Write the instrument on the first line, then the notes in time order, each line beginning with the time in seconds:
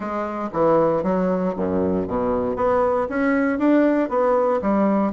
bassoon
0.00 G#3
0.52 E3
1.03 F#3
1.56 F#2
2.07 B2
2.56 B3
3.09 C#4
3.59 D4
4.09 B3
4.61 G3